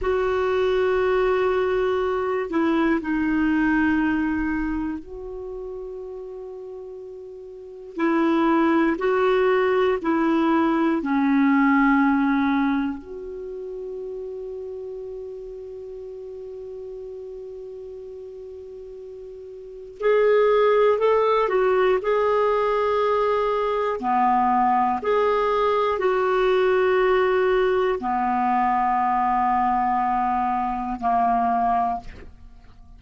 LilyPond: \new Staff \with { instrumentName = "clarinet" } { \time 4/4 \tempo 4 = 60 fis'2~ fis'8 e'8 dis'4~ | dis'4 fis'2. | e'4 fis'4 e'4 cis'4~ | cis'4 fis'2.~ |
fis'1 | gis'4 a'8 fis'8 gis'2 | b4 gis'4 fis'2 | b2. ais4 | }